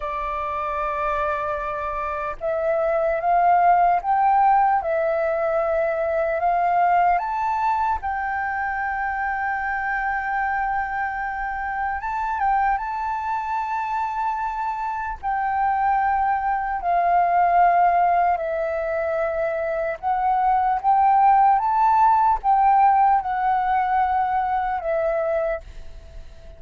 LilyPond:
\new Staff \with { instrumentName = "flute" } { \time 4/4 \tempo 4 = 75 d''2. e''4 | f''4 g''4 e''2 | f''4 a''4 g''2~ | g''2. a''8 g''8 |
a''2. g''4~ | g''4 f''2 e''4~ | e''4 fis''4 g''4 a''4 | g''4 fis''2 e''4 | }